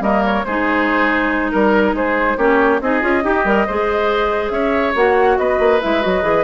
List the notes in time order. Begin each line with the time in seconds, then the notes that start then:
0.00 G3 A#3 A#4 D#5
0.25 C#5
0.45 G#3 D#4 G#4 C5
1.52 G3 A#4
1.93 G#3 G#4 C5
2.37 A#3 C#4 G4 C#5
2.80 C4 D#4 G#4 D#5
3.01 C#4 F4
3.24 D#4 G4
3.44 G3 A#4
3.67 G#3 G#4 C5
4.50 C#4 C#5 E5
4.95 A#3 F#4 F#5
5.38 B3 B4 D#5
5.59 A#3
5.81 G#3 E4 E5
6.01 F#3 F#4 D#5
6.22 E3 G#4